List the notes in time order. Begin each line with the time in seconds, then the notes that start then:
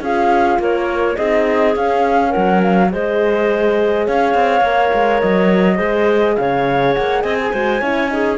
0.00 C#4 F4 G#4 F5
0.59 A#3 A#4 C#5
1.16 C4 D#4 G#4 D#5
1.74 C#4 F5
2.29 A#4 F#5
2.36 F#3
2.62 F5
2.91 G#3 G#4 C5 D#5
4.06 C#4 C#5 F5
4.34 C4
4.60 A#3 A#4
4.93 G#3
5.20 F#3 D#5
5.75 G#3 G#4 C5
6.35 C#3 C#5 F5
6.94 A#3 F#5
7.21 C4 D#5 G#5
7.38 G#4
7.52 G#3 F#4 C5
7.80 C#4 E4 C#5
8.08 D#4 G#4